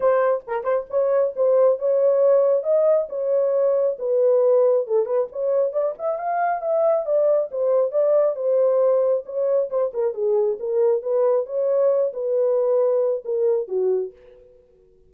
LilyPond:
\new Staff \with { instrumentName = "horn" } { \time 4/4 \tempo 4 = 136 c''4 ais'8 c''8 cis''4 c''4 | cis''2 dis''4 cis''4~ | cis''4 b'2 a'8 b'8 | cis''4 d''8 e''8 f''4 e''4 |
d''4 c''4 d''4 c''4~ | c''4 cis''4 c''8 ais'8 gis'4 | ais'4 b'4 cis''4. b'8~ | b'2 ais'4 fis'4 | }